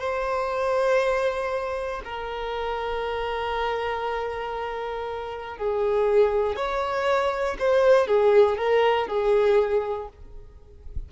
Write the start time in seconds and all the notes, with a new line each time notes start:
0.00 C5
2.05 A#4
5.58 G#4
6.56 C#5
7.59 C5
8.07 G#4
8.58 A#4
9.08 G#4